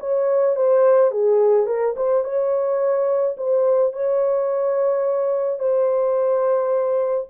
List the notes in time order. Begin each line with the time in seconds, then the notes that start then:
0.00 C#5
0.56 C5
1.11 G#4
1.67 A#4
1.97 C5
2.24 C#5
3.37 C5
3.93 C#5
5.59 C5